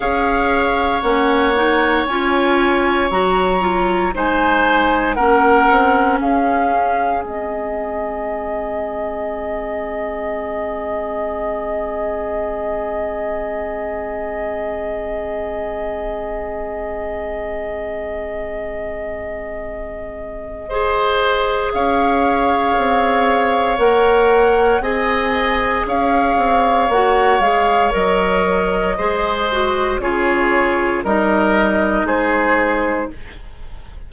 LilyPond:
<<
  \new Staff \with { instrumentName = "flute" } { \time 4/4 \tempo 4 = 58 f''4 fis''4 gis''4 ais''4 | gis''4 fis''4 f''4 dis''4~ | dis''1~ | dis''1~ |
dis''1~ | dis''4 f''2 fis''4 | gis''4 f''4 fis''8 f''8 dis''4~ | dis''4 cis''4 dis''4 c''4 | }
  \new Staff \with { instrumentName = "oboe" } { \time 4/4 cis''1 | c''4 ais'4 gis'2~ | gis'1~ | gis'1~ |
gis'1 | c''4 cis''2. | dis''4 cis''2. | c''4 gis'4 ais'4 gis'4 | }
  \new Staff \with { instrumentName = "clarinet" } { \time 4/4 gis'4 cis'8 dis'8 f'4 fis'8 f'8 | dis'4 cis'2 c'4~ | c'1~ | c'1~ |
c'1 | gis'2. ais'4 | gis'2 fis'8 gis'8 ais'4 | gis'8 fis'8 f'4 dis'2 | }
  \new Staff \with { instrumentName = "bassoon" } { \time 4/4 cis'4 ais4 cis'4 fis4 | gis4 ais8 c'8 cis'4 gis4~ | gis1~ | gis1~ |
gis1~ | gis4 cis'4 c'4 ais4 | c'4 cis'8 c'8 ais8 gis8 fis4 | gis4 cis4 g4 gis4 | }
>>